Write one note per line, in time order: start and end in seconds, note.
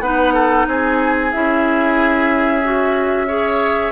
0.00 0.65 B3
0.00 1.32 D#4
0.00 0.34 B4
0.00 0.66 F#5
0.34 0.66 A4
0.67 1.32 C4
0.67 3.27 G#4
0.67 1.32 G#5
1.32 3.92 C#4
1.32 2.63 E4
1.32 3.92 E5
2.63 3.28 F#4
3.27 3.92 G#4
3.27 3.92 C#5